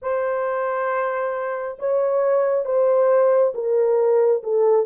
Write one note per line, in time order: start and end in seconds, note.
0.02 1.78 C5
1.78 2.65 C#5
2.65 3.53 C5
3.54 4.42 A#4
4.43 4.86 A4